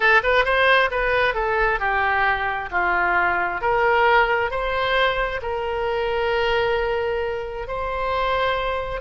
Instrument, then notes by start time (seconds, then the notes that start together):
oboe
0.00 A4
0.23 B4
0.44 C5
0.90 B4
1.34 A4
1.79 G4
2.71 F4
3.61 A#4
4.50 C5
5.42 A#4
7.67 C5